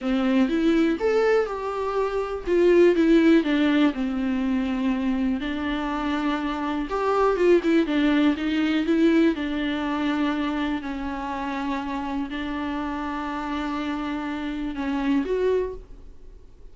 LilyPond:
\new Staff \with { instrumentName = "viola" } { \time 4/4 \tempo 4 = 122 c'4 e'4 a'4 g'4~ | g'4 f'4 e'4 d'4 | c'2. d'4~ | d'2 g'4 f'8 e'8 |
d'4 dis'4 e'4 d'4~ | d'2 cis'2~ | cis'4 d'2.~ | d'2 cis'4 fis'4 | }